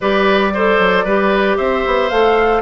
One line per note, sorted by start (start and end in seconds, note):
0.00 0.79 G3
0.00 0.54 G4
0.00 0.53 B4
0.00 1.57 D5
0.53 1.06 A4
0.53 1.04 C5
0.79 1.04 F#3
1.04 1.57 G3
1.04 2.11 G4
1.04 1.57 B4
1.57 1.84 C4
1.57 2.62 C5
1.57 2.09 E5
1.86 2.11 B3
2.09 2.62 A3
2.09 2.62 A4
2.09 2.61 F5